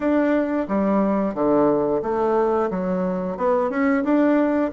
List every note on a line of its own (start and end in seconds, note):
0.00 0.66 D4
0.67 1.34 G3
1.34 2.01 D3
2.02 2.70 A3
2.70 3.37 F#3
3.37 3.70 B3
3.70 4.03 C#4
4.04 4.71 D4